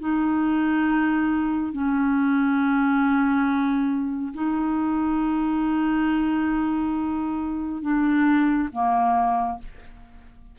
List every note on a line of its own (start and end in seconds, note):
0.00 1.73 D#4
1.73 4.34 C#4
4.34 7.82 D#4
7.82 8.69 D4
8.72 9.59 A#3